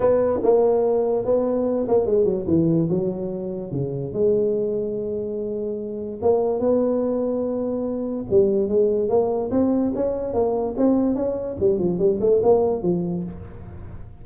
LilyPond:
\new Staff \with { instrumentName = "tuba" } { \time 4/4 \tempo 4 = 145 b4 ais2 b4~ | b8 ais8 gis8 fis8 e4 fis4~ | fis4 cis4 gis2~ | gis2. ais4 |
b1 | g4 gis4 ais4 c'4 | cis'4 ais4 c'4 cis'4 | g8 f8 g8 a8 ais4 f4 | }